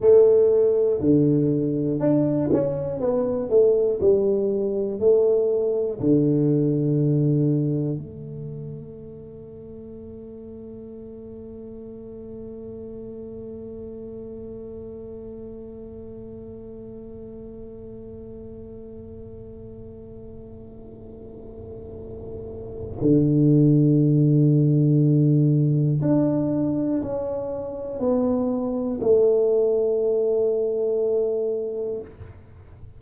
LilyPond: \new Staff \with { instrumentName = "tuba" } { \time 4/4 \tempo 4 = 60 a4 d4 d'8 cis'8 b8 a8 | g4 a4 d2 | a1~ | a1~ |
a1~ | a2. d4~ | d2 d'4 cis'4 | b4 a2. | }